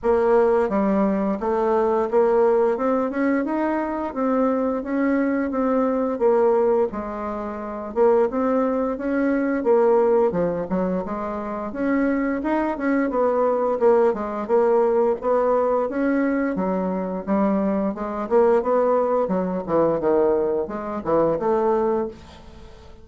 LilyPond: \new Staff \with { instrumentName = "bassoon" } { \time 4/4 \tempo 4 = 87 ais4 g4 a4 ais4 | c'8 cis'8 dis'4 c'4 cis'4 | c'4 ais4 gis4. ais8 | c'4 cis'4 ais4 f8 fis8 |
gis4 cis'4 dis'8 cis'8 b4 | ais8 gis8 ais4 b4 cis'4 | fis4 g4 gis8 ais8 b4 | fis8 e8 dis4 gis8 e8 a4 | }